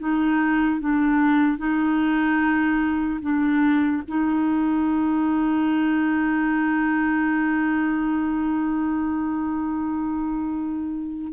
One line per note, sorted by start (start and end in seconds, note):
0.00 0.81 D#4
0.81 1.58 D4
1.58 3.20 D#4
3.22 4.03 D4
4.08 11.33 D#4